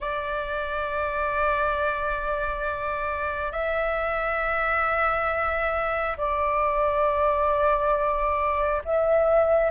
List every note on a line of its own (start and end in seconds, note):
0.00 3.51 D5
3.51 6.16 E5
6.17 8.82 D5
8.84 9.71 E5